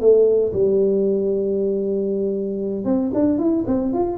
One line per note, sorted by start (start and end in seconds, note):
0.00 0.52 A3
0.52 2.85 G3
2.85 3.11 C4
3.14 3.38 D4
3.38 3.64 E4
3.67 3.93 C4
3.93 4.17 F4